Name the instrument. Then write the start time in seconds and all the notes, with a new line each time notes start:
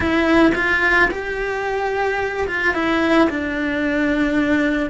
cello
0.00 E4
0.54 F4
1.11 G4
2.47 F4
2.73 E4
3.29 D4